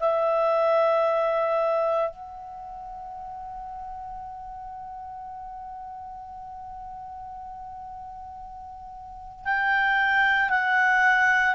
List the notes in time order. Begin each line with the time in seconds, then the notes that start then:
0.00 E5
2.11 F#5
9.45 G5
10.50 F#5